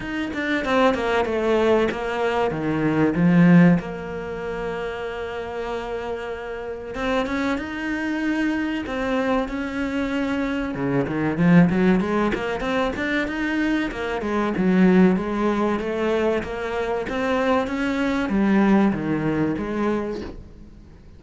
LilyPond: \new Staff \with { instrumentName = "cello" } { \time 4/4 \tempo 4 = 95 dis'8 d'8 c'8 ais8 a4 ais4 | dis4 f4 ais2~ | ais2. c'8 cis'8 | dis'2 c'4 cis'4~ |
cis'4 cis8 dis8 f8 fis8 gis8 ais8 | c'8 d'8 dis'4 ais8 gis8 fis4 | gis4 a4 ais4 c'4 | cis'4 g4 dis4 gis4 | }